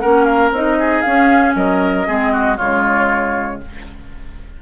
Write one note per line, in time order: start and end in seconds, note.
0.00 0.51 A#3
0.00 0.53 C#4
0.00 0.78 A#4
0.00 0.25 F#5
0.25 0.50 F5
0.51 1.02 C4
0.51 1.05 D#4
0.51 1.01 D#5
0.79 1.56 G#4
1.01 2.06 C#4
1.01 1.55 C#4
1.01 1.53 F5
1.55 2.07 F#3
1.55 2.07 A#4
1.55 2.58 D#5
2.06 2.59 G#3
2.06 2.58 C4
2.06 2.32 G#4
2.32 2.57 F#4
2.57 3.62 C#3
2.57 3.62 G#3
2.57 3.59 F4
2.57 3.60 C#5